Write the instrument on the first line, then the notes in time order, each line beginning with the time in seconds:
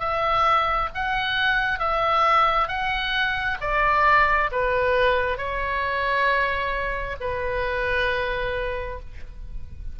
oboe
0.00 E5
0.94 F#5
1.80 E5
2.68 F#5
3.61 D5
4.52 B4
5.38 C#5
7.21 B4